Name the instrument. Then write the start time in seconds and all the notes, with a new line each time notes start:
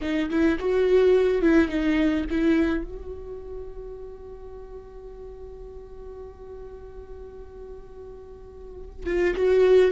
viola
0.01 D#4
0.30 E4
0.59 F#4
1.42 E4
1.68 D#4
2.30 E4
2.84 F#4
9.06 F4
9.36 F#4